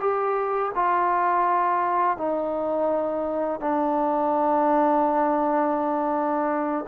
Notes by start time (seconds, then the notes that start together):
0.00 G4
0.75 F4
2.18 D#4
3.60 D4